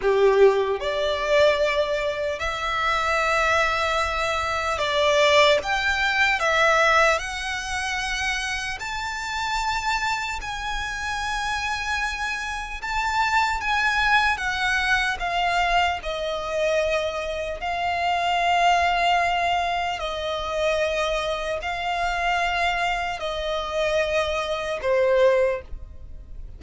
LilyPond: \new Staff \with { instrumentName = "violin" } { \time 4/4 \tempo 4 = 75 g'4 d''2 e''4~ | e''2 d''4 g''4 | e''4 fis''2 a''4~ | a''4 gis''2. |
a''4 gis''4 fis''4 f''4 | dis''2 f''2~ | f''4 dis''2 f''4~ | f''4 dis''2 c''4 | }